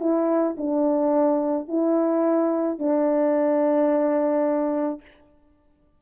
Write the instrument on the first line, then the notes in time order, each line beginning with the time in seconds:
horn
0.00 E4
0.58 D4
1.68 E4
2.79 D4